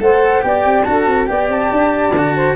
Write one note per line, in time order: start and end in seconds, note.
0.00 0.43 A3
0.00 0.41 A4
0.00 0.45 C5
0.00 0.42 F#5
0.41 0.65 B3
0.41 0.84 G4
0.41 0.87 D5
0.41 0.83 G5
0.65 0.86 C4
0.83 1.07 D4
0.83 1.27 F#4
0.83 1.29 A4
0.83 1.26 A5
1.07 1.28 C4
1.27 1.48 B3
1.27 2.12 G4
1.27 2.35 D5
1.27 1.48 G5
1.48 1.69 C4
1.48 2.56 A5
1.71 2.12 D4
2.12 2.54 D3
2.12 2.56 F#4
2.35 2.56 C5